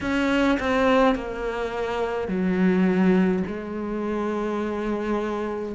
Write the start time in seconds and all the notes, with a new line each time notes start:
0.01 C#4
0.59 C4
1.15 A#3
2.28 F#3
3.47 G#3